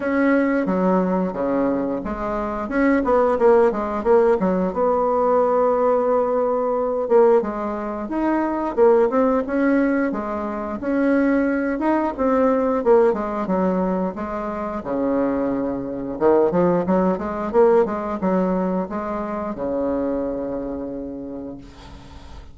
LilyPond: \new Staff \with { instrumentName = "bassoon" } { \time 4/4 \tempo 4 = 89 cis'4 fis4 cis4 gis4 | cis'8 b8 ais8 gis8 ais8 fis8 b4~ | b2~ b8 ais8 gis4 | dis'4 ais8 c'8 cis'4 gis4 |
cis'4. dis'8 c'4 ais8 gis8 | fis4 gis4 cis2 | dis8 f8 fis8 gis8 ais8 gis8 fis4 | gis4 cis2. | }